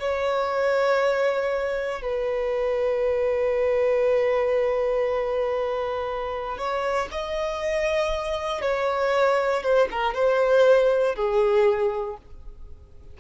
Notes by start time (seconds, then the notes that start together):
0.00 C#5
2.02 B4
6.58 C#5
7.12 D#5
8.62 C#5
9.63 C5
9.92 A#4
10.15 C5
11.16 G#4